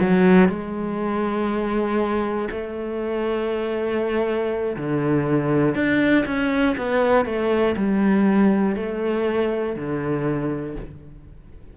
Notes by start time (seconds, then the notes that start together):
0.00 F#3
0.48 G#3
2.50 A3
4.76 D3
5.75 D4
6.25 C#4
6.77 B3
7.25 A3
7.76 G3
8.75 A3
9.75 D3